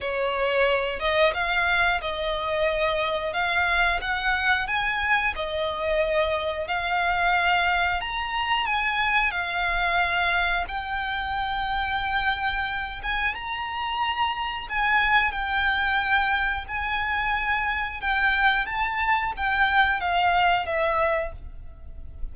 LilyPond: \new Staff \with { instrumentName = "violin" } { \time 4/4 \tempo 4 = 90 cis''4. dis''8 f''4 dis''4~ | dis''4 f''4 fis''4 gis''4 | dis''2 f''2 | ais''4 gis''4 f''2 |
g''2.~ g''8 gis''8 | ais''2 gis''4 g''4~ | g''4 gis''2 g''4 | a''4 g''4 f''4 e''4 | }